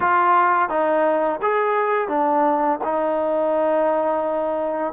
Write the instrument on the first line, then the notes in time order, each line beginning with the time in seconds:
trombone
0.00 F4
0.69 D#4
1.41 G#4
2.08 D4
2.84 D#4